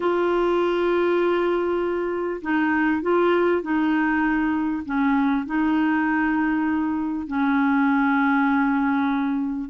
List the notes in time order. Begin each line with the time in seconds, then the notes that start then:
0.00 F4
2.42 D#4
3.02 F4
3.62 D#4
4.85 C#4
5.45 D#4
7.27 C#4